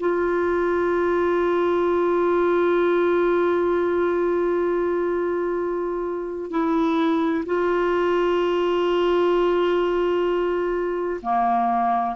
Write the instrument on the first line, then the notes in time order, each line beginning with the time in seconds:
clarinet
0.00 F4
6.51 E4
7.46 F4
11.22 A#3